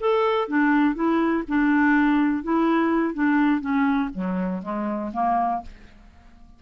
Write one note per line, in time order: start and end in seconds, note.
0.00 0.48 A4
0.48 0.95 D4
0.95 1.43 E4
1.48 2.43 D4
2.43 3.14 E4
3.14 3.61 D4
3.61 4.10 C#4
4.14 4.63 F#3
4.63 5.11 G#3
5.13 5.62 A#3